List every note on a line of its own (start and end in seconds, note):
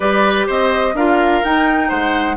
0.00 0.46 G3
0.00 0.94 G4
0.00 0.46 B4
0.00 0.48 D5
0.46 0.94 C4
0.46 0.94 C5
0.46 0.96 D#5
0.94 1.41 D4
0.94 1.43 F4
0.94 1.88 A#4
0.94 1.43 F5
1.43 2.36 D#4
1.43 1.91 D#4
1.43 1.89 G5
1.88 2.36 G#3
1.88 2.36 C5
1.88 2.36 F#5